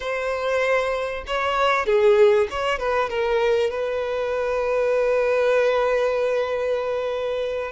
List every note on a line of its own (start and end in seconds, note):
0.00 1.24 C5
1.27 1.86 C#5
1.86 2.47 G#4
2.50 2.78 C#5
2.78 3.09 B4
3.09 3.70 A#4
3.70 7.71 B4